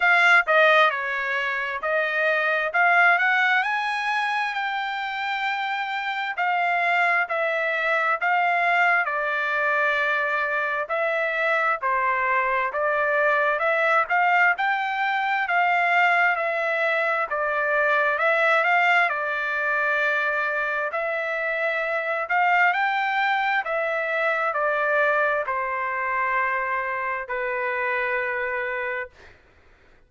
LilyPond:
\new Staff \with { instrumentName = "trumpet" } { \time 4/4 \tempo 4 = 66 f''8 dis''8 cis''4 dis''4 f''8 fis''8 | gis''4 g''2 f''4 | e''4 f''4 d''2 | e''4 c''4 d''4 e''8 f''8 |
g''4 f''4 e''4 d''4 | e''8 f''8 d''2 e''4~ | e''8 f''8 g''4 e''4 d''4 | c''2 b'2 | }